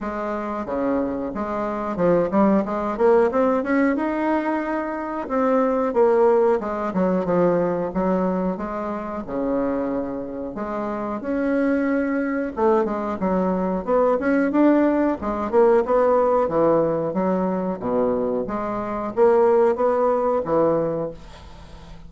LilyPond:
\new Staff \with { instrumentName = "bassoon" } { \time 4/4 \tempo 4 = 91 gis4 cis4 gis4 f8 g8 | gis8 ais8 c'8 cis'8 dis'2 | c'4 ais4 gis8 fis8 f4 | fis4 gis4 cis2 |
gis4 cis'2 a8 gis8 | fis4 b8 cis'8 d'4 gis8 ais8 | b4 e4 fis4 b,4 | gis4 ais4 b4 e4 | }